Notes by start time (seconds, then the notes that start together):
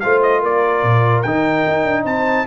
0.00 A3 F4 C5 F5
0.22 D#5
0.39 A#3 A#4 D5
0.83 A#2
1.22 D#3 D#4 G5
1.67 D#4
1.84 D4
2.04 C4 C5 A5